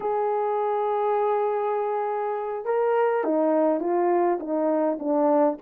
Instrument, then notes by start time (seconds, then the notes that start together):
horn
0.00 G#4
2.65 A#4
3.24 D#4
3.79 F4
4.39 D#4
4.99 D4